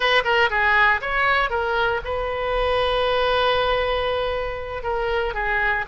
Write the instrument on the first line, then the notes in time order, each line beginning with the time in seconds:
oboe
0.00 B4
0.24 A#4
0.50 G#4
1.01 C#5
1.50 A#4
2.04 B4
4.83 A#4
5.34 G#4